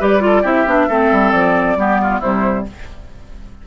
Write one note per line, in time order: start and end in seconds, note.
0.00 0.44 G3
0.00 0.21 G4
0.00 0.22 B4
0.00 0.47 D5
0.21 0.43 F4
0.21 0.42 A4
0.42 0.66 C4
0.42 0.66 E4
0.42 0.87 G4
0.42 1.31 E5
0.66 0.88 B3
0.66 0.90 D4
0.89 1.12 A3
0.89 1.78 C4
0.89 1.78 A4
1.12 1.33 G3
1.31 1.76 F3
1.31 2.20 D5
1.76 2.21 G3
1.76 2.23 B3
1.76 2.02 G4
2.02 2.20 F4
2.20 2.67 C3
2.20 2.67 G3
2.20 2.64 E4
2.20 2.66 C5